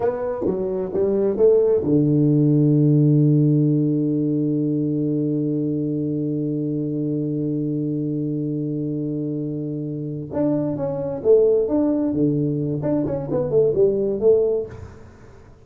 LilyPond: \new Staff \with { instrumentName = "tuba" } { \time 4/4 \tempo 4 = 131 b4 fis4 g4 a4 | d1~ | d1~ | d1~ |
d1~ | d2~ d8 d'4 cis'8~ | cis'8 a4 d'4 d4. | d'8 cis'8 b8 a8 g4 a4 | }